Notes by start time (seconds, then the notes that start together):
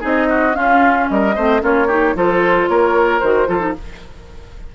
0.00 C4 D#4 G#4 D#5
0.29 F#4
0.53 C#4 F4 F5
1.09 G3 A#4 D#5
1.35 A3 C4 C5
1.60 A#3 C#4 F4 C#5
1.87 D#4 G4
2.15 F3 F4 A4 C5
2.68 A#3 A#4 C#5
3.19 D#3 F#4 C5
3.47 F3 F4 A4
3.60 D#4